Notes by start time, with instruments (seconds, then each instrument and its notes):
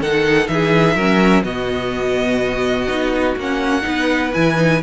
0.00 cello D#3, viola D#4, violin A4 F#5
0.47 cello E3, violin G#4 E5
0.95 cello F#3, viola C#4, violin A#4
1.43 cello B2, viola B3, violin F#4 D#5
2.87 cello B3, viola D#4
3.36 cello A#3, viola C#4, violin F#5
3.81 cello B3, viola D#4, violin B4
4.33 cello E3, viola E4, violin G#5
4.56 viola D#4